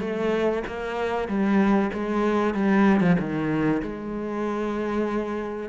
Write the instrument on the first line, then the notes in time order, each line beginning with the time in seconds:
cello
0.00 A3
0.66 A#3
1.28 G3
1.93 G#3
2.54 G3
3.00 F3
3.19 D#3
3.82 G#3